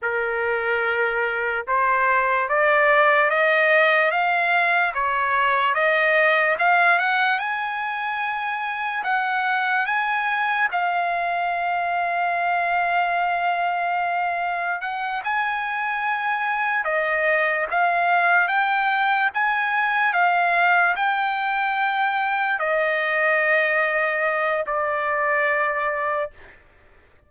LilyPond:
\new Staff \with { instrumentName = "trumpet" } { \time 4/4 \tempo 4 = 73 ais'2 c''4 d''4 | dis''4 f''4 cis''4 dis''4 | f''8 fis''8 gis''2 fis''4 | gis''4 f''2.~ |
f''2 fis''8 gis''4.~ | gis''8 dis''4 f''4 g''4 gis''8~ | gis''8 f''4 g''2 dis''8~ | dis''2 d''2 | }